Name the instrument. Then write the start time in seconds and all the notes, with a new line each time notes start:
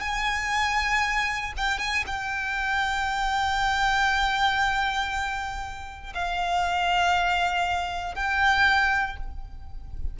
violin
0.00 G#5
1.57 G5
1.78 G#5
2.07 G5
6.14 F5
8.15 G5